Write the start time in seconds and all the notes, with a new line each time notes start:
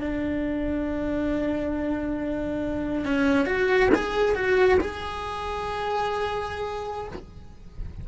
0.00 D4
3.05 C#4
3.45 F#4
3.94 G#4
4.35 F#4
4.80 G#4